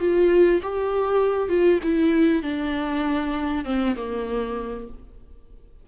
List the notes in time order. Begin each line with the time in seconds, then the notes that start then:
0.00 F4
0.63 G4
1.49 F4
1.83 E4
2.43 D4
3.65 C4
3.97 A#3